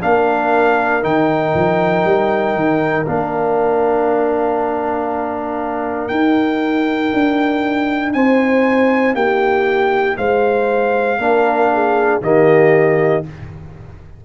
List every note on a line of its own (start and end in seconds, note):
0.00 1.03 A#3
0.00 1.02 D4
0.00 8.15 A#4
0.00 1.03 F5
1.02 1.54 D#3
1.02 3.05 D#4
1.02 3.06 G5
1.54 2.04 F3
2.04 2.54 G3
2.54 3.05 D#3
3.05 6.10 A#3
3.05 6.10 D4
3.05 6.08 F5
6.08 11.18 D#4
6.08 7.12 D#4
6.08 8.11 G5
7.13 8.14 D4
8.13 9.14 C4
8.13 9.15 C5
8.13 9.14 G#5
9.14 10.16 A#3
9.14 10.17 G4
9.14 10.17 G5
10.17 11.18 G#3
10.17 11.19 C5
10.17 12.20 F5
11.18 12.20 A#3
11.18 12.22 D4
11.18 11.71 A#4
11.73 12.23 G#4
12.21 13.23 D#3
12.21 13.24 A#3
12.21 13.25 G4
12.21 13.24 D#5